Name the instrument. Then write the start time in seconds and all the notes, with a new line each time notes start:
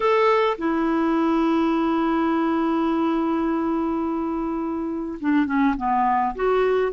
clarinet
0.00 A4
0.57 E4
5.20 D4
5.46 C#4
5.77 B3
6.35 F#4